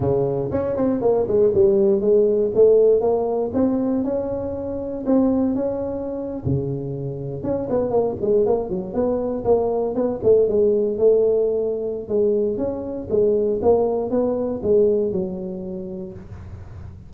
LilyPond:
\new Staff \with { instrumentName = "tuba" } { \time 4/4 \tempo 4 = 119 cis4 cis'8 c'8 ais8 gis8 g4 | gis4 a4 ais4 c'4 | cis'2 c'4 cis'4~ | cis'8. cis2 cis'8 b8 ais16~ |
ais16 gis8 ais8 fis8 b4 ais4 b16~ | b16 a8 gis4 a2~ a16 | gis4 cis'4 gis4 ais4 | b4 gis4 fis2 | }